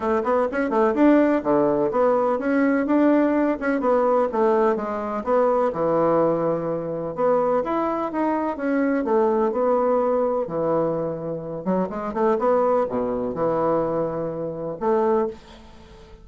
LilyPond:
\new Staff \with { instrumentName = "bassoon" } { \time 4/4 \tempo 4 = 126 a8 b8 cis'8 a8 d'4 d4 | b4 cis'4 d'4. cis'8 | b4 a4 gis4 b4 | e2. b4 |
e'4 dis'4 cis'4 a4 | b2 e2~ | e8 fis8 gis8 a8 b4 b,4 | e2. a4 | }